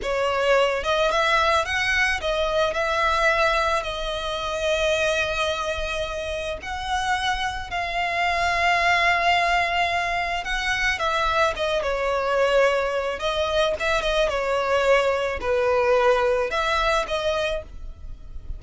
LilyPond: \new Staff \with { instrumentName = "violin" } { \time 4/4 \tempo 4 = 109 cis''4. dis''8 e''4 fis''4 | dis''4 e''2 dis''4~ | dis''1 | fis''2 f''2~ |
f''2. fis''4 | e''4 dis''8 cis''2~ cis''8 | dis''4 e''8 dis''8 cis''2 | b'2 e''4 dis''4 | }